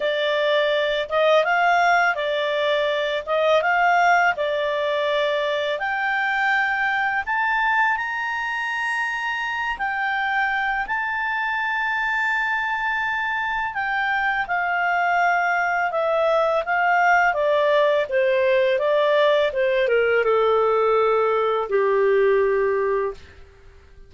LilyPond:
\new Staff \with { instrumentName = "clarinet" } { \time 4/4 \tempo 4 = 83 d''4. dis''8 f''4 d''4~ | d''8 dis''8 f''4 d''2 | g''2 a''4 ais''4~ | ais''4. g''4. a''4~ |
a''2. g''4 | f''2 e''4 f''4 | d''4 c''4 d''4 c''8 ais'8 | a'2 g'2 | }